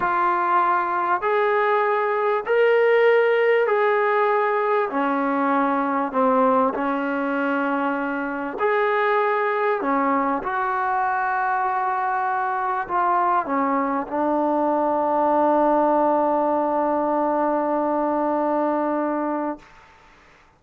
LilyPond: \new Staff \with { instrumentName = "trombone" } { \time 4/4 \tempo 4 = 98 f'2 gis'2 | ais'2 gis'2 | cis'2 c'4 cis'4~ | cis'2 gis'2 |
cis'4 fis'2.~ | fis'4 f'4 cis'4 d'4~ | d'1~ | d'1 | }